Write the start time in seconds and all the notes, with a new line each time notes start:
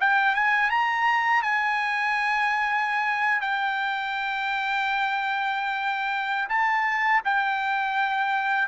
0.00 G5
0.35 G#5
0.70 A#5
1.42 G#5
3.41 G5
6.49 A5
7.24 G5